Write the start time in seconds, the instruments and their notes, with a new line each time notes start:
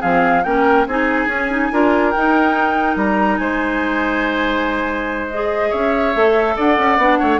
0.00 bassoon F3, clarinet C4, oboe G#4, flute F5
0.43 bassoon A#3, clarinet C#4, oboe A#4, flute G5
0.86 bassoon C4, clarinet D#4, oboe G#4, flute G#5
1.27 bassoon C#4, clarinet C#4
1.50 clarinet D#4
1.72 bassoon D4, clarinet F4, oboe A#4
2.10 clarinet D#4, bassoon D#4, flute G5
2.96 bassoon G3, flute A#5
3.37 bassoon G#3, oboe C5, flute G#5
5.30 clarinet G#4, flute D#5
5.69 bassoon C#4, oboe C#5, flute E5
6.14 bassoon A3, clarinet A4
6.56 bassoon D4, oboe D5, flute F#5
6.78 bassoon C#4
6.97 bassoon B3, clarinet D4
7.19 bassoon A3, oboe C#5